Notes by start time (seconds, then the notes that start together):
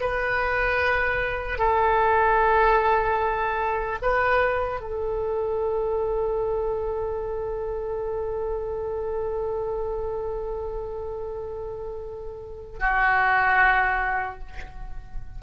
0.00 B4
1.58 A4
4.01 B4
4.80 A4
12.79 F#4